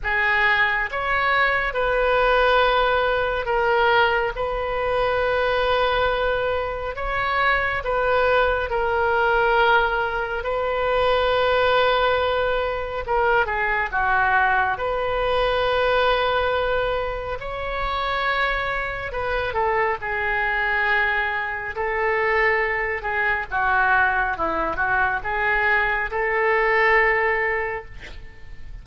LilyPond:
\new Staff \with { instrumentName = "oboe" } { \time 4/4 \tempo 4 = 69 gis'4 cis''4 b'2 | ais'4 b'2. | cis''4 b'4 ais'2 | b'2. ais'8 gis'8 |
fis'4 b'2. | cis''2 b'8 a'8 gis'4~ | gis'4 a'4. gis'8 fis'4 | e'8 fis'8 gis'4 a'2 | }